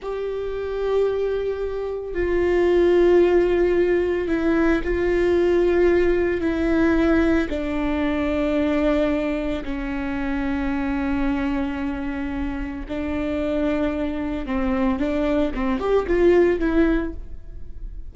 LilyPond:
\new Staff \with { instrumentName = "viola" } { \time 4/4 \tempo 4 = 112 g'1 | f'1 | e'4 f'2. | e'2 d'2~ |
d'2 cis'2~ | cis'1 | d'2. c'4 | d'4 c'8 g'8 f'4 e'4 | }